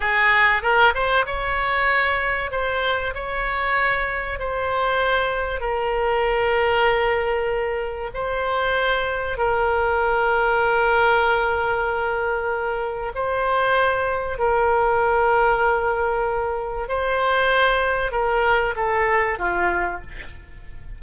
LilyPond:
\new Staff \with { instrumentName = "oboe" } { \time 4/4 \tempo 4 = 96 gis'4 ais'8 c''8 cis''2 | c''4 cis''2 c''4~ | c''4 ais'2.~ | ais'4 c''2 ais'4~ |
ais'1~ | ais'4 c''2 ais'4~ | ais'2. c''4~ | c''4 ais'4 a'4 f'4 | }